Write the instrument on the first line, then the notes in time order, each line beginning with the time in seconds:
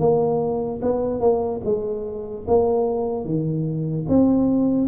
tuba
0.00 A#3
0.82 B3
1.21 A#3
1.65 G#3
2.48 A#3
3.25 D#3
4.09 C4